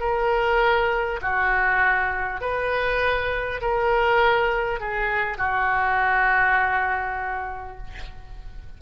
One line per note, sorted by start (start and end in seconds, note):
0.00 1.20 A#4
1.22 2.41 F#4
2.41 3.61 B4
3.62 4.80 A#4
4.80 5.38 G#4
5.38 7.78 F#4